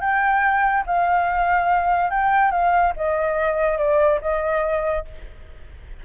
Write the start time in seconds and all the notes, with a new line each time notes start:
0.00 G5
0.86 F5
2.10 G5
2.51 F5
2.96 D#5
3.78 D5
4.21 D#5